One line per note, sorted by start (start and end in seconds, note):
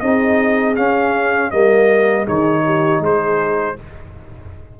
0.00 0.77 C4
0.00 0.76 D#4
0.00 1.52 G#4
0.00 0.75 D#5
0.76 1.51 C#4
0.76 1.52 C#4
0.76 1.51 F5
1.51 2.27 G3
1.51 2.26 A#3
1.51 2.23 A#4
1.51 2.26 D#5
2.23 2.99 D#3
2.23 3.76 D#4
2.23 2.60 G#4
2.23 3.03 C#5
2.65 3.02 G4
2.99 3.74 G#3
2.99 3.77 G#4
2.99 3.79 C5